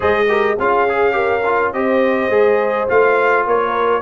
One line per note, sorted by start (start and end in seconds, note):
0.00 0.59 G#3
0.00 0.26 G#4
0.00 0.28 C5
0.00 0.59 D#5
0.28 0.57 G4
0.28 0.58 A#4
0.59 1.73 C#4
0.59 0.88 F4
0.59 1.15 G#4
0.59 1.72 F5
0.89 1.11 G#4
1.11 1.40 G4
1.11 1.72 A#4
1.45 1.74 F4
1.72 2.29 C4
1.72 2.30 G4
1.72 3.46 C5
1.72 2.88 D#5
2.29 2.87 G#3
2.29 2.88 G#4
2.88 3.46 A3
2.88 4.02 F4
2.88 3.47 F5
3.46 4.02 A#3
3.46 4.02 A#4
3.46 4.02 C#5